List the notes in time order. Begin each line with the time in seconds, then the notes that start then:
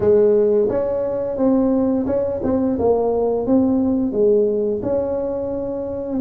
0.00 G#3
0.69 C#4
1.37 C4
2.06 C#4
2.43 C4
2.78 A#3
3.46 C4
4.12 G#3
4.82 C#4